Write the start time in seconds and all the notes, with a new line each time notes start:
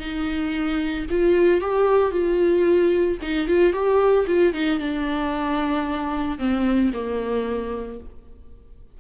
0.00 D#4
1.10 F4
1.61 G4
2.12 F4
3.22 D#4
3.48 F4
3.73 G4
4.27 F4
4.54 D#4
4.79 D4
6.39 C4
6.94 A#3